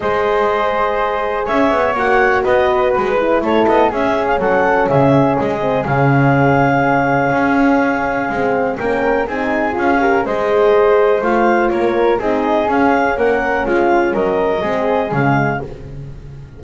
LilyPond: <<
  \new Staff \with { instrumentName = "clarinet" } { \time 4/4 \tempo 4 = 123 dis''2. e''4 | fis''4 dis''4 b'4 cis''8 dis''8 | e''8. f''16 fis''4 e''4 dis''4 | f''1~ |
f''2 g''4 gis''4 | f''4 dis''2 f''4 | cis''4 dis''4 f''4 fis''4 | f''4 dis''2 f''4 | }
  \new Staff \with { instrumentName = "flute" } { \time 4/4 c''2. cis''4~ | cis''4 b'2 a'4 | gis'4 a'4 gis'2~ | gis'1~ |
gis'2 ais'4 gis'4~ | gis'8 ais'8 c''2. | ais'4 gis'2 ais'4 | f'4 ais'4 gis'2 | }
  \new Staff \with { instrumentName = "horn" } { \time 4/4 gis'1 | fis'2~ fis'8 e'4. | cis'2.~ cis'8 c'8 | cis'1~ |
cis'4 c'4 cis'4 dis'4 | f'8 g'8 gis'2 f'4~ | f'4 dis'4 cis'2~ | cis'2 c'4 gis4 | }
  \new Staff \with { instrumentName = "double bass" } { \time 4/4 gis2. cis'8 b8 | ais4 b4 gis4 a8 b8 | cis'4 fis4 cis4 gis4 | cis2. cis'4~ |
cis'4 gis4 ais4 c'4 | cis'4 gis2 a4 | ais4 c'4 cis'4 ais4 | gis4 fis4 gis4 cis4 | }
>>